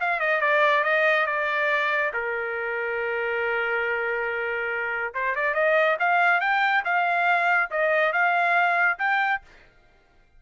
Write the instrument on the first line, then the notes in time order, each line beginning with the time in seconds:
trumpet
0.00 F5
0.20 D#5
0.41 D5
0.84 D#5
1.26 D5
2.13 A#4
5.14 C5
5.36 D5
5.54 D#5
5.99 F5
6.41 G5
6.85 F5
7.70 D#5
8.12 F5
8.99 G5